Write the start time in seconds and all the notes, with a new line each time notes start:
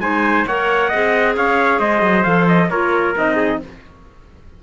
0.00 G#3 D#4 C5 G#5
0.47 A#3 A#4 C#5 F#5
0.89 C4 G#4 D#5
1.37 C#4 C#5 F5
1.79 G#3 C5 D#5
2.02 F#3
2.24 F3 A4 F5
2.48 D#5
2.70 A#3 F4 A#4 C#5
3.15 C4 D#4 D#5
3.36 G#4